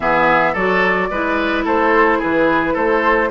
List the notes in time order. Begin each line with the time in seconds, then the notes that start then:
0.00 E3 B3 G#4 E5
0.53 F#3 F#4 A4 D5
1.10 G#3 E4 B4
1.64 A3 A4 C5
2.18 E3 G#4 B4
2.73 A3 A4 C5